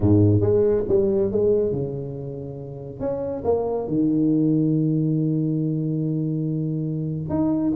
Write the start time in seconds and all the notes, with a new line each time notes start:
0.00 G#2
0.40 G#3
0.88 G3
1.31 G#3
1.72 C#3
3.00 C#4
3.44 A#3
3.87 D#3
7.29 D#4